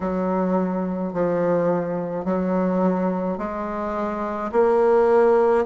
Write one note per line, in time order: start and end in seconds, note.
0.00 1.13 F#3
1.13 2.24 F3
2.24 3.38 F#3
3.38 4.51 G#3
4.52 5.65 A#3